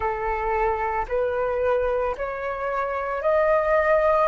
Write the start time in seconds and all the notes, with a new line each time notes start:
0.00 A4
1.08 B4
2.17 C#5
3.21 D#5